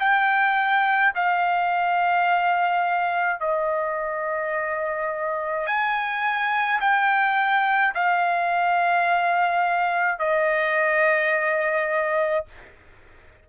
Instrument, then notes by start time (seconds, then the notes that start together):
trumpet
0.00 G5
1.15 F5
3.41 D#5
5.67 G#5
6.81 G5
7.95 F5
10.19 D#5